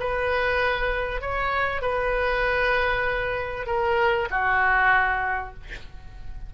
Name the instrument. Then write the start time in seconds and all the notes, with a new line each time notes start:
oboe
0.00 B4
1.21 C#5
1.82 B4
3.67 A#4
4.30 F#4